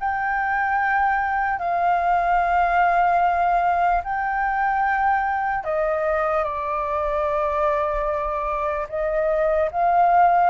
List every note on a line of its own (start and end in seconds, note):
0.00 1.60 G5
1.60 4.03 F5
4.04 5.65 G5
5.65 6.44 D#5
6.44 8.87 D5
8.89 9.70 D#5
9.72 10.50 F5